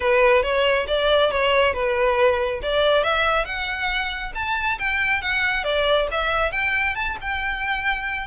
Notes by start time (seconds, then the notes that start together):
0.00 B4
0.42 C#5
0.87 D5
1.31 C#5
1.73 B4
2.62 D5
3.03 E5
3.45 F#5
4.35 A5
4.78 G5
5.21 F#5
5.64 D5
6.11 E5
6.51 G5
6.95 A5
7.21 G5